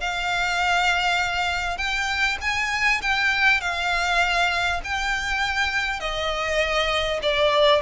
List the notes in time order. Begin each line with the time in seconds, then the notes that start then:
0.00 F5
1.77 G5
2.41 G#5
3.01 G5
3.61 F5
4.84 G5
6.00 D#5
7.22 D5